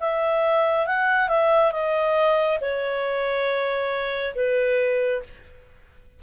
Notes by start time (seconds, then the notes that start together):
0.00 E5
0.87 F#5
1.29 E5
1.72 D#5
2.61 C#5
4.36 B4